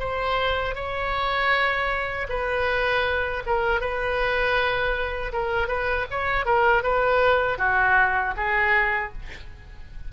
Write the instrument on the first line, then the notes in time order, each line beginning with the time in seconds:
oboe
0.00 C5
0.75 C#5
2.30 B4
3.46 A#4
3.81 B4
5.33 A#4
5.68 B4
6.11 C#5
6.46 A#4
6.83 B4
7.58 F#4
8.37 G#4